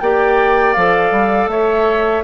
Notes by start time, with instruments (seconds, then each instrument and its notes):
0.00 bassoon A#3, clarinet G4, oboe D5, flute G5
0.73 bassoon F3, clarinet A4, flute F5
1.11 bassoon G3
1.47 bassoon A3, oboe C#5, flute E5